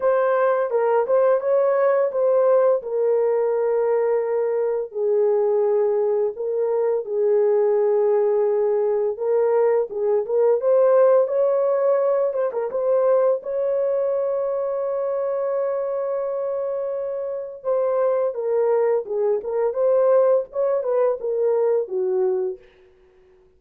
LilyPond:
\new Staff \with { instrumentName = "horn" } { \time 4/4 \tempo 4 = 85 c''4 ais'8 c''8 cis''4 c''4 | ais'2. gis'4~ | gis'4 ais'4 gis'2~ | gis'4 ais'4 gis'8 ais'8 c''4 |
cis''4. c''16 ais'16 c''4 cis''4~ | cis''1~ | cis''4 c''4 ais'4 gis'8 ais'8 | c''4 cis''8 b'8 ais'4 fis'4 | }